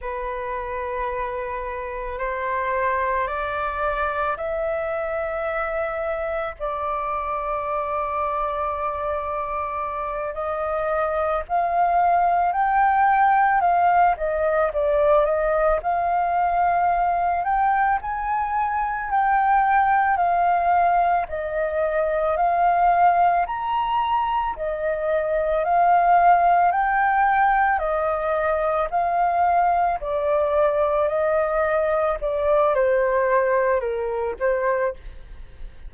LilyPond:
\new Staff \with { instrumentName = "flute" } { \time 4/4 \tempo 4 = 55 b'2 c''4 d''4 | e''2 d''2~ | d''4. dis''4 f''4 g''8~ | g''8 f''8 dis''8 d''8 dis''8 f''4. |
g''8 gis''4 g''4 f''4 dis''8~ | dis''8 f''4 ais''4 dis''4 f''8~ | f''8 g''4 dis''4 f''4 d''8~ | d''8 dis''4 d''8 c''4 ais'8 c''8 | }